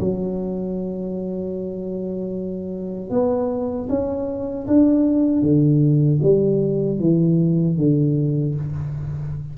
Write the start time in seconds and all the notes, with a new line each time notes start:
0.00 F#3
3.10 B3
3.89 C#4
4.67 D4
5.42 D3
6.22 G3
7.00 E3
7.77 D3